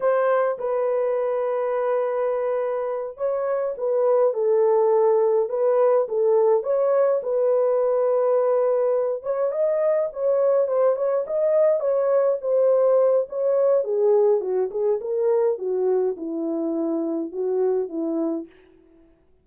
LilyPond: \new Staff \with { instrumentName = "horn" } { \time 4/4 \tempo 4 = 104 c''4 b'2.~ | b'4. cis''4 b'4 a'8~ | a'4. b'4 a'4 cis''8~ | cis''8 b'2.~ b'8 |
cis''8 dis''4 cis''4 c''8 cis''8 dis''8~ | dis''8 cis''4 c''4. cis''4 | gis'4 fis'8 gis'8 ais'4 fis'4 | e'2 fis'4 e'4 | }